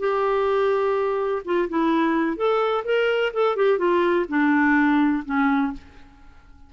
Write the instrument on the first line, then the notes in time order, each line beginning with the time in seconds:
clarinet
0.00 G4
1.45 F4
1.69 E4
2.37 A4
2.85 A#4
3.34 A4
3.56 G4
3.79 F4
4.29 D4
5.25 C#4